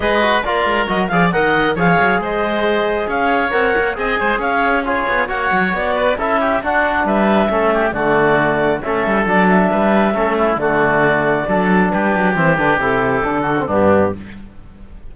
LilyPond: <<
  \new Staff \with { instrumentName = "clarinet" } { \time 4/4 \tempo 4 = 136 dis''4 d''4 dis''8 f''8 fis''4 | f''4 dis''2 f''4 | fis''4 gis''4 f''4 cis''4 | fis''4 d''4 e''4 fis''4 |
e''2 d''2 | e''4 d''8 e''2~ e''8 | d''2. b'4 | c''8 b'8 a'2 g'4 | }
  \new Staff \with { instrumentName = "oboe" } { \time 4/4 b'4 ais'4. d''8 dis''4 | cis''4 c''2 cis''4~ | cis''4 dis''8 c''8 cis''4 gis'4 | cis''4. b'8 a'8 g'8 fis'4 |
b'4 a'8 g'8 fis'2 | a'2 b'4 a'8 e'8 | fis'2 a'4 g'4~ | g'2~ g'8 fis'8 d'4 | }
  \new Staff \with { instrumentName = "trombone" } { \time 4/4 gis'8 fis'8 f'4 fis'8 gis'8 ais'4 | gis'1 | ais'4 gis'2 f'4 | fis'2 e'4 d'4~ |
d'4 cis'4 a2 | cis'4 d'2 cis'4 | a2 d'2 | c'8 d'8 e'4 d'8. c'16 b4 | }
  \new Staff \with { instrumentName = "cello" } { \time 4/4 gis4 ais8 gis8 fis8 f8 dis4 | f8 fis8 gis2 cis'4 | c'8 ais8 c'8 gis8 cis'4. b8 | ais8 fis8 b4 cis'4 d'4 |
g4 a4 d2 | a8 g8 fis4 g4 a4 | d2 fis4 g8 fis8 | e8 d8 c4 d4 g,4 | }
>>